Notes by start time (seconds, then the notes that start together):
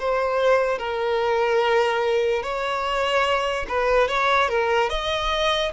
0.00 C5
0.78 A#4
2.43 C#5
3.69 B4
4.08 C#5
4.49 A#4
4.90 D#5